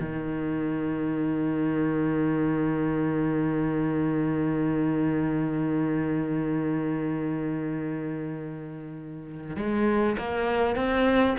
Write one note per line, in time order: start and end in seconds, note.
0.00 9.56 D#3
9.56 10.16 G#3
10.18 10.76 A#3
10.76 11.36 C4